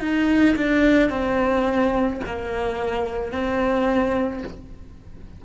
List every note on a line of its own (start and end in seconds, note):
0.00 0.56 D#4
0.56 1.10 D4
1.10 2.21 C4
2.26 3.32 A#3
3.32 4.43 C4